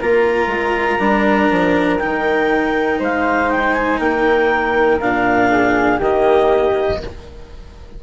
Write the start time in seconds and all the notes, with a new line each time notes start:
0.00 A#3 F4 A#4 A#5
0.47 G#3
1.00 G3 D4
1.51 F3
1.99 D#3 D#4 G5
2.99 G#3 C5 F5
3.51 G5
3.74 G#5
3.99 A#3 A#4 G5
5.00 A#2 D4 F5
5.51 G#4
5.99 D#3 A#3 G4 D#5